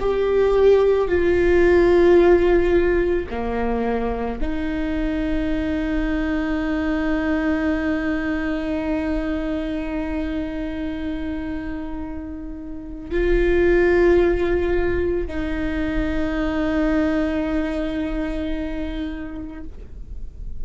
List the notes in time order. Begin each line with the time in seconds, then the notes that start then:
0.00 G4
1.08 F4
3.30 A#3
4.41 D#4
13.11 F4
15.27 D#4